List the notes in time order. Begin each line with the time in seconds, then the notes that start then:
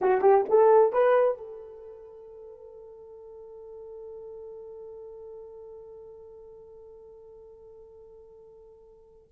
0.01 F#4
0.21 G4
0.49 A4
0.93 B4
1.37 A4